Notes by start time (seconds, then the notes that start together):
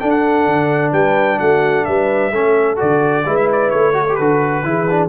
0.00 D4 A4 G5
0.10 F#5
0.46 D3
0.92 G3 B4 G5
1.39 A3 F#4 F#5
1.85 G3 B4 E5
2.31 A3 C#4 A4
2.76 D3 F#4 D5
3.25 G#3 E4 B4
3.37 E5
3.52 D5
3.70 A3 C#5
3.94 F#4 A4
4.09 G4
4.15 D3 F#4 B4
4.64 E3 E4 G#4
4.90 D4